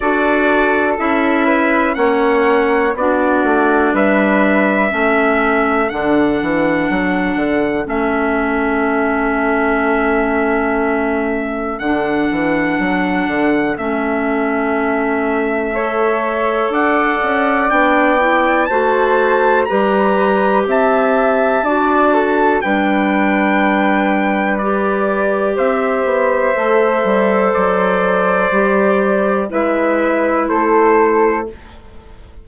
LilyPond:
<<
  \new Staff \with { instrumentName = "trumpet" } { \time 4/4 \tempo 4 = 61 d''4 e''4 fis''4 d''4 | e''2 fis''2 | e''1 | fis''2 e''2~ |
e''4 fis''4 g''4 a''4 | ais''4 a''2 g''4~ | g''4 d''4 e''2 | d''2 e''4 c''4 | }
  \new Staff \with { instrumentName = "flute" } { \time 4/4 a'4. b'8 cis''4 fis'4 | b'4 a'2.~ | a'1~ | a'1 |
cis''4 d''2 c''4 | b'4 e''4 d''8 a'8 b'4~ | b'2 c''2~ | c''2 b'4 a'4 | }
  \new Staff \with { instrumentName = "clarinet" } { \time 4/4 fis'4 e'4 cis'4 d'4~ | d'4 cis'4 d'2 | cis'1 | d'2 cis'2 |
a'2 d'8 e'8 fis'4 | g'2 fis'4 d'4~ | d'4 g'2 a'4~ | a'4 g'4 e'2 | }
  \new Staff \with { instrumentName = "bassoon" } { \time 4/4 d'4 cis'4 ais4 b8 a8 | g4 a4 d8 e8 fis8 d8 | a1 | d8 e8 fis8 d8 a2~ |
a4 d'8 cis'8 b4 a4 | g4 c'4 d'4 g4~ | g2 c'8 b8 a8 g8 | fis4 g4 gis4 a4 | }
>>